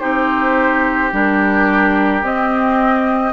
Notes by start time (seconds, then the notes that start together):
0.00 C4 D#4 G4 C5
1.12 G3 D4 A#4
2.22 C4 D#5